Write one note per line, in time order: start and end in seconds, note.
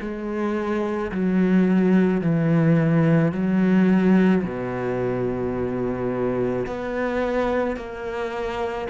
0.00 1.11 G#3
1.12 2.21 F#3
2.21 3.32 E3
3.32 4.43 F#3
4.44 6.66 B2
6.66 7.76 B3
7.76 8.87 A#3